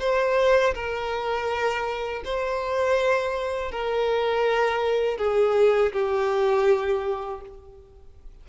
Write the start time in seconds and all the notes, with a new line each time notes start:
0.00 C5
0.74 A#4
2.25 C5
3.71 A#4
5.18 G#4
5.93 G4